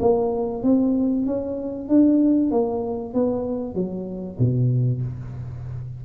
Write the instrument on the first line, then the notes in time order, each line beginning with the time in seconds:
tuba
0.00 A#3
0.63 C4
1.26 C#4
1.88 D4
2.51 A#3
3.13 B3
3.74 F#3
4.39 B2